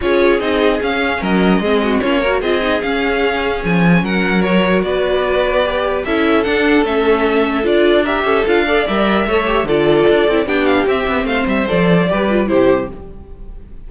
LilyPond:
<<
  \new Staff \with { instrumentName = "violin" } { \time 4/4 \tempo 4 = 149 cis''4 dis''4 f''4 dis''4~ | dis''4 cis''4 dis''4 f''4~ | f''4 gis''4 fis''4 cis''4 | d''2. e''4 |
fis''4 e''2 d''4 | e''4 f''4 e''2 | d''2 g''8 f''8 e''4 | f''8 e''8 d''2 c''4 | }
  \new Staff \with { instrumentName = "violin" } { \time 4/4 gis'2. ais'4 | gis'8 fis'8 f'8 ais'8 gis'2~ | gis'2 ais'2 | b'2. a'4~ |
a'1 | ais'8 a'4 d''4. cis''4 | a'2 g'2 | c''2 b'4 g'4 | }
  \new Staff \with { instrumentName = "viola" } { \time 4/4 f'4 dis'4 cis'2 | c'4 cis'8 fis'8 f'8 dis'8 cis'4~ | cis'2. fis'4~ | fis'2 g'4 e'4 |
d'4 cis'2 f'4 | g'4 f'8 a'8 ais'4 a'8 g'8 | f'4. e'8 d'4 c'4~ | c'4 a'4 g'8 f'8 e'4 | }
  \new Staff \with { instrumentName = "cello" } { \time 4/4 cis'4 c'4 cis'4 fis4 | gis4 ais4 c'4 cis'4~ | cis'4 f4 fis2 | b2. cis'4 |
d'4 a2 d'4~ | d'8 cis'8 d'4 g4 a4 | d4 d'8 c'8 b4 c'8 b8 | a8 g8 f4 g4 c4 | }
>>